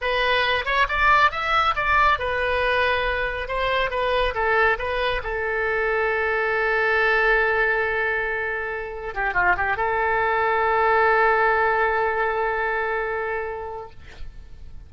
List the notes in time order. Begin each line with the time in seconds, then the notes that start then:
0.01 B4
0.65 C#5
0.88 D5
1.31 E5
1.75 D5
2.18 B4
3.48 C5
3.90 B4
4.34 A4
4.78 B4
5.23 A4
9.14 G4
9.34 F4
9.57 G4
9.76 A4